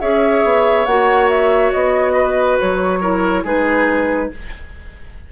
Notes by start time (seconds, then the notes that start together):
0.00 C#4 G#4 C#5 E5
0.43 B3
0.85 A#3 F#4 F#5
1.28 E5
1.72 B3 D#5
2.13 B4
2.59 F#3 C#5
3.00 E4 A#4
3.43 G#3 D#4 G#4 B4